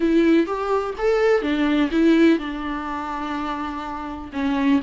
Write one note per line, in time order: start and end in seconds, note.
0.00 0.46 E4
0.46 0.94 G4
0.98 1.42 A4
1.42 1.90 D4
1.91 2.39 E4
2.39 4.31 D4
4.32 4.80 C#4